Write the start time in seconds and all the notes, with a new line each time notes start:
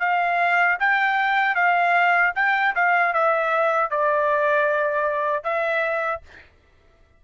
0.00 F5
0.80 G5
1.55 F5
2.36 G5
2.76 F5
3.14 E5
3.91 D5
5.44 E5